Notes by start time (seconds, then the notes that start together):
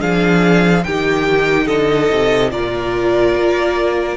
0.00 F3 D4 G#4 F5
0.84 D#3 D#4 G4 G5
1.67 D3 A4 D#5
2.12 C3
2.52 A#2 F4 A#4 D5
3.34 A#3